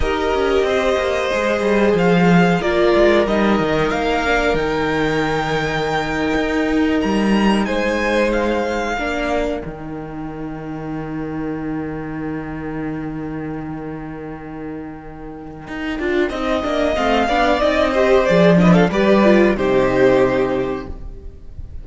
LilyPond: <<
  \new Staff \with { instrumentName = "violin" } { \time 4/4 \tempo 4 = 92 dis''2. f''4 | d''4 dis''4 f''4 g''4~ | g''2~ g''8. ais''4 gis''16~ | gis''8. f''2 g''4~ g''16~ |
g''1~ | g''1~ | g''2 f''4 dis''4 | d''8 dis''16 f''16 d''4 c''2 | }
  \new Staff \with { instrumentName = "violin" } { \time 4/4 ais'4 c''2. | ais'1~ | ais'2.~ ais'8. c''16~ | c''4.~ c''16 ais'2~ ais'16~ |
ais'1~ | ais'1~ | ais'4 dis''4. d''4 c''8~ | c''8 b'16 a'16 b'4 g'2 | }
  \new Staff \with { instrumentName = "viola" } { \time 4/4 g'2 gis'2 | f'4 dis'4. d'8 dis'4~ | dis'1~ | dis'4.~ dis'16 d'4 dis'4~ dis'16~ |
dis'1~ | dis'1~ | dis'8 f'8 dis'8 d'8 c'8 d'8 dis'8 g'8 | gis'8 d'8 g'8 f'8 dis'2 | }
  \new Staff \with { instrumentName = "cello" } { \time 4/4 dis'8 cis'8 c'8 ais8 gis8 g8 f4 | ais8 gis8 g8 dis8 ais4 dis4~ | dis4.~ dis16 dis'4 g4 gis16~ | gis4.~ gis16 ais4 dis4~ dis16~ |
dis1~ | dis1 | dis'8 d'8 c'8 ais8 a8 b8 c'4 | f4 g4 c2 | }
>>